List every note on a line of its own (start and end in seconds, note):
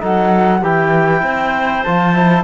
0.00 0.63 F#3
0.00 0.61 D#4
0.00 0.61 A4
0.00 0.64 F#5
0.61 1.23 E3
0.61 1.86 E4
0.61 1.22 G4
0.61 1.84 G5
1.23 1.83 C4
1.23 2.44 C5
1.84 2.44 F3
1.84 2.14 F4
1.84 2.44 A5
2.14 2.44 E4